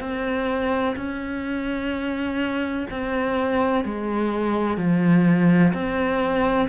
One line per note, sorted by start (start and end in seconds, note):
0.00 0.95 C4
0.96 2.87 C#4
2.90 3.85 C4
3.85 4.77 G#3
4.77 5.73 F3
5.73 6.68 C4